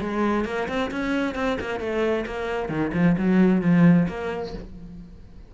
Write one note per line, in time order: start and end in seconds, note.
0.00 0.44 G#3
0.44 0.67 A#3
0.68 0.90 C4
0.90 1.35 C#4
1.35 1.57 C4
1.60 1.79 A#3
1.79 2.25 A3
2.26 2.68 A#3
2.68 2.91 D#3
2.93 3.16 F3
3.17 3.61 F#3
3.61 4.06 F3
4.08 4.53 A#3